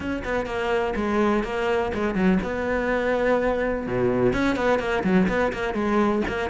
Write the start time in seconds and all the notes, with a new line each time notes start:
0.00 C#4
0.24 B3
0.46 A#3
0.95 G#3
1.43 A#3
1.94 G#3
2.14 F#3
2.42 B3
3.86 B2
4.33 C#4
4.56 B3
4.79 A#3
5.03 F#3
5.28 B3
5.52 A#3
5.74 G#3
6.27 A#3